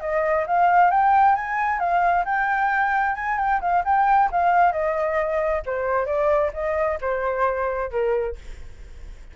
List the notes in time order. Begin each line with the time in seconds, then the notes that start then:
0.00 D#5
0.46 F5
0.90 G5
1.35 G#5
1.79 F5
2.25 G5
3.15 G#5
3.38 G5
3.61 F5
3.84 G5
4.31 F5
4.72 D#5
5.66 C5
6.06 D5
6.53 D#5
7.01 C5
7.90 A#4